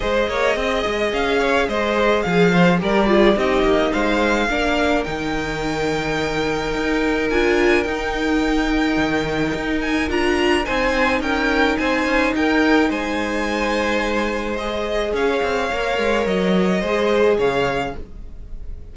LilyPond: <<
  \new Staff \with { instrumentName = "violin" } { \time 4/4 \tempo 4 = 107 dis''2 f''4 dis''4 | f''4 d''4 dis''4 f''4~ | f''4 g''2.~ | g''4 gis''4 g''2~ |
g''4. gis''8 ais''4 gis''4 | g''4 gis''4 g''4 gis''4~ | gis''2 dis''4 f''4~ | f''4 dis''2 f''4 | }
  \new Staff \with { instrumentName = "violin" } { \time 4/4 c''8 cis''8 dis''4. cis''8 c''4 | gis'8 c''8 ais'8 gis'8 g'4 c''4 | ais'1~ | ais'1~ |
ais'2. c''4 | ais'4 c''4 ais'4 c''4~ | c''2. cis''4~ | cis''2 c''4 cis''4 | }
  \new Staff \with { instrumentName = "viola" } { \time 4/4 gis'1~ | gis'4 g'8 f'8 dis'2 | d'4 dis'2.~ | dis'4 f'4 dis'2~ |
dis'2 f'4 dis'4~ | dis'1~ | dis'2 gis'2 | ais'2 gis'2 | }
  \new Staff \with { instrumentName = "cello" } { \time 4/4 gis8 ais8 c'8 gis8 cis'4 gis4 | f4 g4 c'8 ais8 gis4 | ais4 dis2. | dis'4 d'4 dis'2 |
dis4 dis'4 d'4 c'4 | cis'4 c'8 cis'8 dis'4 gis4~ | gis2. cis'8 c'8 | ais8 gis8 fis4 gis4 cis4 | }
>>